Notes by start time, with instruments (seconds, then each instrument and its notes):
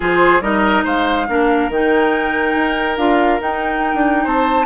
0.00 bassoon F3, clarinet F4, oboe G#4, flute C5
0.41 bassoon G3, clarinet D#4, oboe A#4, flute D#5
0.83 bassoon G#3, oboe C5, flute F5
1.28 bassoon A#3, clarinet D4, oboe A#4
1.69 bassoon D#3, clarinet D#4, flute G5
2.55 bassoon D#4
2.97 bassoon D4, clarinet F4, flute F5
3.40 bassoon D#4, clarinet D#4, flute G5
3.94 bassoon D4
4.23 bassoon C4, oboe C5, flute A5